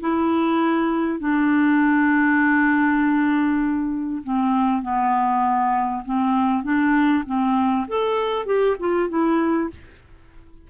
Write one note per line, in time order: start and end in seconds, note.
0.00 1.19 E4
1.19 4.22 D4
4.23 4.82 C4
4.82 6.03 B3
6.05 6.63 C4
6.63 7.24 D4
7.26 7.87 C4
7.87 8.46 A4
8.46 8.76 G4
8.79 9.09 F4
9.09 9.70 E4